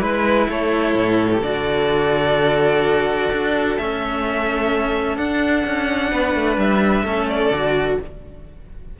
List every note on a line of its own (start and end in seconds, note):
0.00 0.48 G#3
0.00 1.29 E4
0.00 0.47 B4
0.00 0.49 B4
0.49 0.95 A3
0.49 6.11 A4
0.49 1.43 C#5
0.95 1.41 A2
1.31 1.43 G4
1.41 3.29 D3
1.41 3.78 F#4
1.41 3.77 D5
3.32 3.77 D4
3.77 5.17 A3
3.77 5.18 C#4
3.77 5.17 E5
5.17 5.64 D4
5.17 7.05 D4
5.17 6.58 F#5
5.66 6.12 C#4
6.11 6.35 B3
6.11 7.05 B4
6.35 6.57 A3
6.57 7.03 G3
6.57 7.29 E5
7.03 7.50 A3
7.03 7.52 C#4
7.03 7.99 A4
7.29 7.99 D5
7.50 7.97 D3
7.50 7.99 F#4